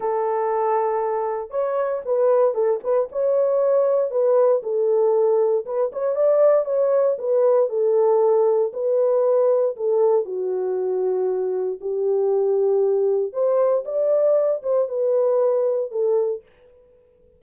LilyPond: \new Staff \with { instrumentName = "horn" } { \time 4/4 \tempo 4 = 117 a'2. cis''4 | b'4 a'8 b'8 cis''2 | b'4 a'2 b'8 cis''8 | d''4 cis''4 b'4 a'4~ |
a'4 b'2 a'4 | fis'2. g'4~ | g'2 c''4 d''4~ | d''8 c''8 b'2 a'4 | }